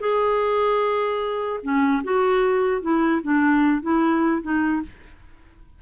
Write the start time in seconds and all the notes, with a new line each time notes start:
0.00 G#4
1.63 C#4
2.03 F#4
2.82 E4
3.22 D4
3.82 E4
4.42 D#4